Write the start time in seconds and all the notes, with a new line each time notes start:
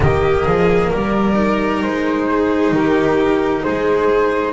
0.00 D#3 A#3 G4 D#5
0.45 F3 G#4
0.90 G3 A#4 D5
1.34 D#4
1.82 G#3 C5
2.30 G#4
2.71 D#3 G4 A#4
3.62 G#3 G#4 C5